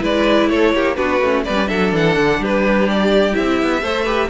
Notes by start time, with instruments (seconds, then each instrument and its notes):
0.00 cello G#3, viola E4, violin B4 D5
0.49 cello A3, violin A4 C#5
0.73 cello A#3, violin G4
0.95 cello B3, viola D4, violin F#4 B4
1.21 cello A3, viola C#4
1.45 cello G3, viola B3, violin B4 D5
1.54 viola C#4
1.67 cello F#3, viola D4, violin A4 E5
1.93 cello E3, violin F#5
2.16 cello D3
2.38 cello G3, violin G4 B4
2.89 violin D5
3.33 cello C4, viola E4, violin E5
3.62 cello B3
3.82 cello A3, viola A4, violin C5
4.04 viola G4, violin B4